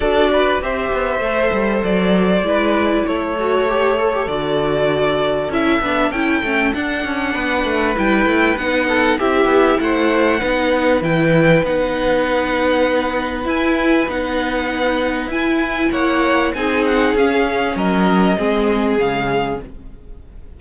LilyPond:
<<
  \new Staff \with { instrumentName = "violin" } { \time 4/4 \tempo 4 = 98 d''4 e''2 d''4~ | d''4 cis''2 d''4~ | d''4 e''4 g''4 fis''4~ | fis''4 g''4 fis''4 e''4 |
fis''2 g''4 fis''4~ | fis''2 gis''4 fis''4~ | fis''4 gis''4 fis''4 gis''8 fis''8 | f''4 dis''2 f''4 | }
  \new Staff \with { instrumentName = "violin" } { \time 4/4 a'8 b'8 c''2. | b'4 a'2.~ | a'1 | b'2~ b'8 a'8 g'4 |
c''4 b'2.~ | b'1~ | b'2 cis''4 gis'4~ | gis'4 ais'4 gis'2 | }
  \new Staff \with { instrumentName = "viola" } { \time 4/4 fis'4 g'4 a'2 | e'4. fis'8 g'8 a'16 g'16 fis'4~ | fis'4 e'8 d'8 e'8 cis'8 d'4~ | d'4 e'4 dis'4 e'4~ |
e'4 dis'4 e'4 dis'4~ | dis'2 e'4 dis'4~ | dis'4 e'2 dis'4 | cis'2 c'4 gis4 | }
  \new Staff \with { instrumentName = "cello" } { \time 4/4 d'4 c'8 b8 a8 g8 fis4 | gis4 a2 d4~ | d4 cis'8 b8 cis'8 a8 d'8 cis'8 | b8 a8 g8 a8 b4 c'8 b8 |
a4 b4 e4 b4~ | b2 e'4 b4~ | b4 e'4 ais4 c'4 | cis'4 fis4 gis4 cis4 | }
>>